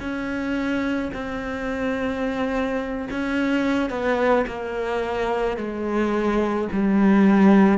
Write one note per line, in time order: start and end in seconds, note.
0.00 1.11 C#4
1.14 3.08 C4
3.11 3.90 C#4
3.90 4.45 B3
4.46 5.57 A#3
5.57 6.68 G#3
6.73 7.78 G3